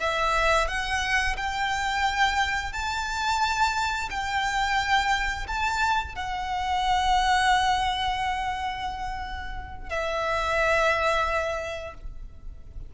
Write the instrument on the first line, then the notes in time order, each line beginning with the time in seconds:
violin
0.00 E5
0.68 F#5
1.37 G5
2.73 A5
4.11 G5
5.48 A5
6.15 F#5
9.90 E5